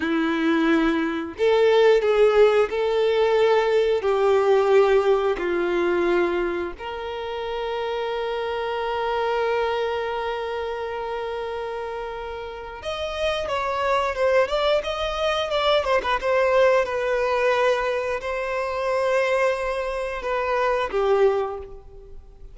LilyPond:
\new Staff \with { instrumentName = "violin" } { \time 4/4 \tempo 4 = 89 e'2 a'4 gis'4 | a'2 g'2 | f'2 ais'2~ | ais'1~ |
ais'2. dis''4 | cis''4 c''8 d''8 dis''4 d''8 c''16 b'16 | c''4 b'2 c''4~ | c''2 b'4 g'4 | }